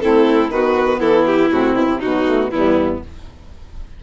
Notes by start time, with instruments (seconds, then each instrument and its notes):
0.00 bassoon A3, saxophone C4, violin E4 A4
0.48 bassoon D#3, saxophone B3, violin F#4 B4
0.99 bassoon E3, violin E4 A4
1.26 violin G4
1.50 bassoon A2, saxophone C4, violin F#4
1.74 bassoon B2, violin E4
1.88 bassoon C3
1.99 bassoon B2, saxophone F#3, violin D#4 F#4
2.25 saxophone A3
2.50 bassoon E2, saxophone G3, violin B3 E4